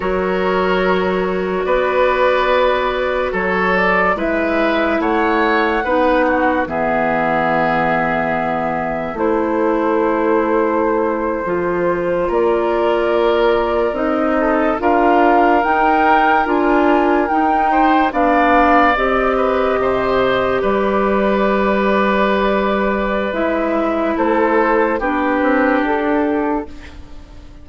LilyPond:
<<
  \new Staff \with { instrumentName = "flute" } { \time 4/4 \tempo 4 = 72 cis''2 d''2 | cis''8 d''8 e''4 fis''2 | e''2. c''4~ | c''2~ c''8. d''4~ d''16~ |
d''8. dis''4 f''4 g''4 gis''16~ | gis''8. g''4 f''4 dis''4~ dis''16~ | dis''8. d''2.~ d''16 | e''4 c''4 b'4 a'4 | }
  \new Staff \with { instrumentName = "oboe" } { \time 4/4 ais'2 b'2 | a'4 b'4 cis''4 b'8 fis'8 | gis'2. a'4~ | a'2~ a'8. ais'4~ ais'16~ |
ais'4~ ais'16 a'8 ais'2~ ais'16~ | ais'4~ ais'16 c''8 d''4. b'8 c''16~ | c''8. b'2.~ b'16~ | b'4 a'4 g'2 | }
  \new Staff \with { instrumentName = "clarinet" } { \time 4/4 fis'1~ | fis'4 e'2 dis'4 | b2. e'4~ | e'4.~ e'16 f'2~ f'16~ |
f'8. dis'4 f'4 dis'4 f'16~ | f'8. dis'4 d'4 g'4~ g'16~ | g'1 | e'2 d'2 | }
  \new Staff \with { instrumentName = "bassoon" } { \time 4/4 fis2 b2 | fis4 gis4 a4 b4 | e2. a4~ | a4.~ a16 f4 ais4~ ais16~ |
ais8. c'4 d'4 dis'4 d'16~ | d'8. dis'4 b4 c'4 c16~ | c8. g2.~ g16 | gis4 a4 b8 c'8 d'4 | }
>>